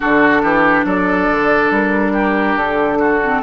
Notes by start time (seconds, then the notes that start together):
0.00 D3 D4 F#4 A4
0.42 E3 G4
0.84 F#3 A4 D5
1.31 D3
1.70 G3 A#4
2.12 G4
2.55 D3 A4
2.98 F#4
3.23 C4